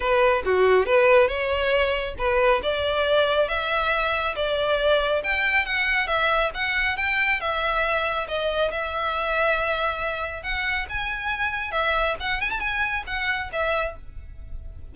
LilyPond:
\new Staff \with { instrumentName = "violin" } { \time 4/4 \tempo 4 = 138 b'4 fis'4 b'4 cis''4~ | cis''4 b'4 d''2 | e''2 d''2 | g''4 fis''4 e''4 fis''4 |
g''4 e''2 dis''4 | e''1 | fis''4 gis''2 e''4 | fis''8 gis''16 a''16 gis''4 fis''4 e''4 | }